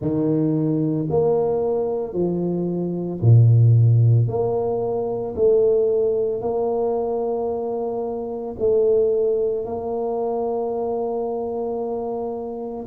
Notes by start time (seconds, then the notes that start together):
0.01 D#3
1.10 A#3
2.13 F3
3.21 A#2
4.27 A#3
5.35 A3
6.41 A#3
8.58 A3
9.65 A#3